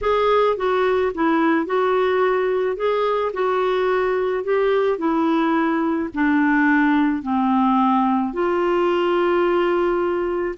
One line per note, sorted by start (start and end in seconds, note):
0.01 0.56 G#4
0.57 1.12 F#4
1.14 1.66 E4
1.66 2.76 F#4
2.76 3.32 G#4
3.33 4.43 F#4
4.43 4.98 G4
4.98 6.09 E4
6.13 7.22 D4
7.22 8.33 C4
8.33 10.55 F4